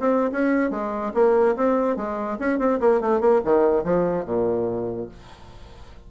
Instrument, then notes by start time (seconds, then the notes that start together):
bassoon
0.00 C4
0.32 C#4
0.71 G#3
1.14 A#3
1.56 C4
1.97 G#3
2.39 C#4
2.59 C4
2.80 A#3
3.01 A3
3.21 A#3
3.45 D#3
3.84 F3
4.26 A#2